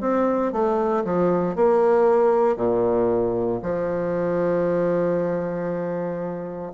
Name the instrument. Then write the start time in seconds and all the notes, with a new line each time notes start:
bassoon
0.00 C4
0.52 A3
1.04 F3
1.55 A#3
2.56 A#2
3.62 F3